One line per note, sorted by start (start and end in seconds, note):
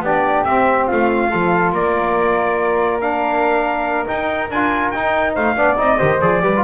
0.00 0.43 B3
0.00 0.46 D4
0.00 0.87 G4
0.00 0.44 D5
0.44 1.31 C4
0.44 0.89 C4
0.44 0.87 E5
0.87 1.34 A3
0.87 1.30 F4
0.87 1.74 F5
1.30 1.72 F3
1.30 3.01 F4
1.30 1.73 A4
1.72 4.06 A#3
1.72 5.34 A#4
1.72 3.01 D5
3.01 4.06 D4
3.01 4.07 F5
4.06 4.48 D#4
4.06 4.50 D#4
4.06 4.50 G5
4.50 4.93 D4
4.50 4.94 F4
4.50 4.90 G#5
4.90 5.36 D#4
4.90 5.56 D#4
4.90 5.33 G5
5.34 5.56 A3
5.34 5.55 C5
5.34 5.77 F5
5.56 5.77 B3
5.56 5.77 D4
5.56 5.99 D5
5.77 5.99 C4
5.77 5.98 D#4
5.77 6.21 D#5
5.98 6.21 D#3
5.98 6.20 G4
5.98 6.41 C5
6.21 6.43 F3
6.21 6.41 G#4
6.21 6.63 D5
6.41 6.63 G3
6.41 6.52 G4
6.41 6.63 B4
6.56 6.63 F4